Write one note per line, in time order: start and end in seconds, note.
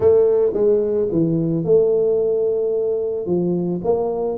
0.00 0.52 A3
0.53 1.08 G#3
1.11 1.64 E3
1.64 3.26 A3
3.26 3.80 F3
3.84 4.37 A#3